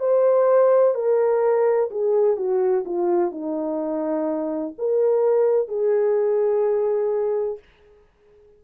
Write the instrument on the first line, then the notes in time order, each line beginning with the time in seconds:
horn
0.00 C5
0.95 A#4
1.91 G#4
2.37 F#4
2.85 F4
3.32 D#4
4.78 A#4
5.68 G#4